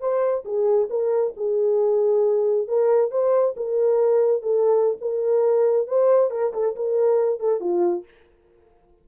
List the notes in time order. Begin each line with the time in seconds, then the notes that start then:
0.00 C5
0.45 G#4
0.90 A#4
1.37 G#4
2.68 A#4
3.11 C5
3.57 A#4
4.42 A4
5.01 A#4
5.87 C5
6.31 A#4
6.54 A4
6.76 A#4
7.40 A4
7.60 F4